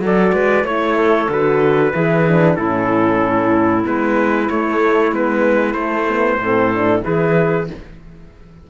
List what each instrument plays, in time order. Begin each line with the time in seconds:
0.00 cello F#3, horn F#4, clarinet A4, trumpet D5
0.33 cello G#3, clarinet B4
0.64 cello A3, horn E4, trumpet C#5, clarinet C#5
0.96 clarinet A4
1.29 cello D3, horn F#4, trumpet B4
1.93 cello E3, horn E4, clarinet G#4
2.28 horn D4
2.56 cello A2, horn C#4, clarinet E4, trumpet A4
3.84 cello G#3, horn B3, trumpet B4
4.50 horn A3, cello A3, trumpet C#5
5.12 cello G#3, horn B3, trumpet B4
5.74 cello A3, horn A3, trumpet C5
6.09 horn B3
6.38 cello A2, horn C4, clarinet A4
6.74 horn D4
7.03 cello E3, horn E4, clarinet G#4, trumpet B4